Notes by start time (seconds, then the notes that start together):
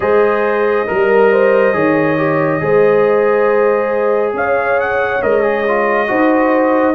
0.00 G#3 G#4 C5 D#5
0.87 G3 A#4
1.31 C5
1.73 D#3 G#4 C#5
2.17 G4
2.59 G#3 G#4 C5
4.33 C#4 C#5 F5
4.80 F#5
5.22 G#3 A#4 D#5
5.41 G#4
5.67 F4
6.07 D#4 F#4 C5